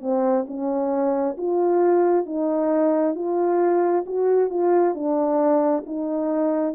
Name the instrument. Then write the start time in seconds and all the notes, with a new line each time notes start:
horn
0.00 C4
0.47 C#4
1.37 F4
2.26 D#4
3.15 F4
4.06 F#4
4.49 F4
4.94 D4
5.86 D#4